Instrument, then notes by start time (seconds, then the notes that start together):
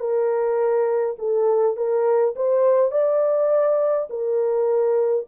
horn
0.00 A#4
1.19 A4
1.77 A#4
2.36 C5
2.92 D5
4.10 A#4